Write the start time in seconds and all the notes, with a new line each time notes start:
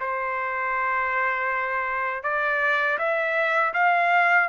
0.00 C5
2.23 D5
2.98 E5
3.74 F5